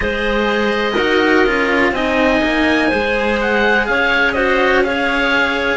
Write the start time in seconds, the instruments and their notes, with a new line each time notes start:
0.00 cello G#3 G#4, clarinet C5, oboe D#5
0.94 cello D#4 F#4, clarinet A#4
1.46 cello C#4 F4
1.91 cello C4 D#4, clarinet D#5, oboe G#5
2.43 cello A#3
2.88 cello G#3 G#4, clarinet C5
3.41 oboe F#5
3.86 cello C#4, clarinet C#5, oboe F5
4.32 cello F#4, clarinet C5, oboe D#5
4.83 cello G#4, clarinet C#5, oboe F5